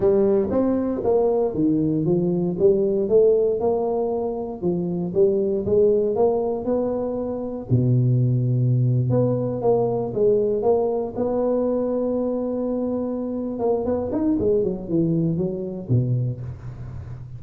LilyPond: \new Staff \with { instrumentName = "tuba" } { \time 4/4 \tempo 4 = 117 g4 c'4 ais4 dis4 | f4 g4 a4 ais4~ | ais4 f4 g4 gis4 | ais4 b2 b,4~ |
b,4.~ b,16 b4 ais4 gis16~ | gis8. ais4 b2~ b16~ | b2~ b8 ais8 b8 dis'8 | gis8 fis8 e4 fis4 b,4 | }